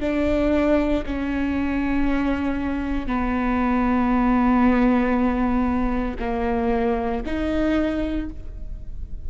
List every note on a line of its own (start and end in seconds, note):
0.00 1.03 D4
1.06 3.06 C#4
3.06 6.16 B3
6.19 7.23 A#3
7.26 8.29 D#4